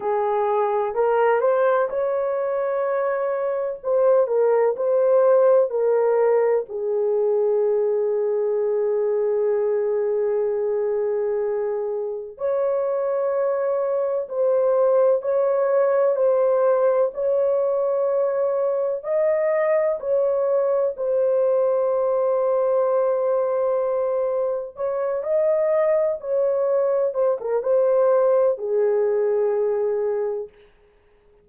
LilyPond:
\new Staff \with { instrumentName = "horn" } { \time 4/4 \tempo 4 = 63 gis'4 ais'8 c''8 cis''2 | c''8 ais'8 c''4 ais'4 gis'4~ | gis'1~ | gis'4 cis''2 c''4 |
cis''4 c''4 cis''2 | dis''4 cis''4 c''2~ | c''2 cis''8 dis''4 cis''8~ | cis''8 c''16 ais'16 c''4 gis'2 | }